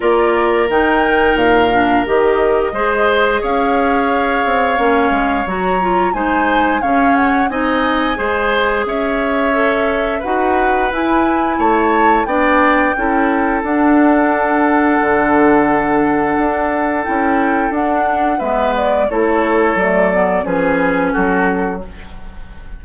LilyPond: <<
  \new Staff \with { instrumentName = "flute" } { \time 4/4 \tempo 4 = 88 d''4 g''4 f''4 dis''4~ | dis''4 f''2. | ais''4 gis''4 f''8 fis''8 gis''4~ | gis''4 e''2 fis''4 |
gis''4 a''4 g''2 | fis''1~ | fis''4 g''4 fis''4 e''8 d''8 | cis''4 d''4 b'4 a'4 | }
  \new Staff \with { instrumentName = "oboe" } { \time 4/4 ais'1 | c''4 cis''2.~ | cis''4 c''4 cis''4 dis''4 | c''4 cis''2 b'4~ |
b'4 cis''4 d''4 a'4~ | a'1~ | a'2. b'4 | a'2 gis'4 fis'4 | }
  \new Staff \with { instrumentName = "clarinet" } { \time 4/4 f'4 dis'4. d'8 g'4 | gis'2. cis'4 | fis'8 f'8 dis'4 cis'4 dis'4 | gis'2 a'4 fis'4 |
e'2 d'4 e'4 | d'1~ | d'4 e'4 d'4 b4 | e'4 a8 b8 cis'2 | }
  \new Staff \with { instrumentName = "bassoon" } { \time 4/4 ais4 dis4 ais,4 dis4 | gis4 cis'4. c'8 ais8 gis8 | fis4 gis4 cis4 c'4 | gis4 cis'2 dis'4 |
e'4 a4 b4 cis'4 | d'2 d2 | d'4 cis'4 d'4 gis4 | a4 fis4 f4 fis4 | }
>>